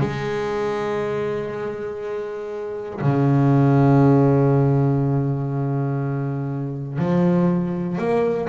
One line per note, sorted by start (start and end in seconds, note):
0.00 3.00 G#3
3.01 6.99 C#3
6.99 7.98 F3
7.98 8.48 A#3